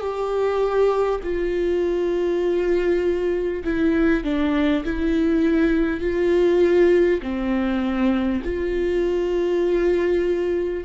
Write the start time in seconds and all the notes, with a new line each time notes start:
0.00 G4
1.23 F4
3.64 E4
4.23 D4
4.84 E4
6.01 F4
7.22 C4
8.44 F4